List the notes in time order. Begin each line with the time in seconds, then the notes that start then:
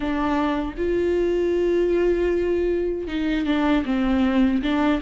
0.00 D4
0.77 F4
3.07 D#4
3.45 D4
3.85 C4
4.62 D4